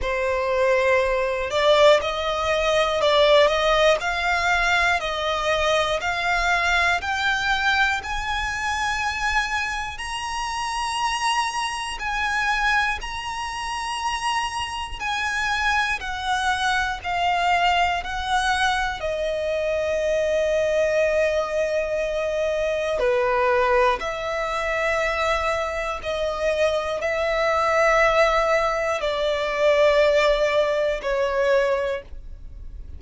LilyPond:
\new Staff \with { instrumentName = "violin" } { \time 4/4 \tempo 4 = 60 c''4. d''8 dis''4 d''8 dis''8 | f''4 dis''4 f''4 g''4 | gis''2 ais''2 | gis''4 ais''2 gis''4 |
fis''4 f''4 fis''4 dis''4~ | dis''2. b'4 | e''2 dis''4 e''4~ | e''4 d''2 cis''4 | }